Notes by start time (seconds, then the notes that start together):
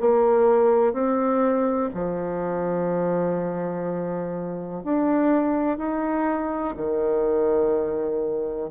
0.00 A#3
0.93 C4
1.94 F3
4.83 D4
5.78 D#4
6.76 D#3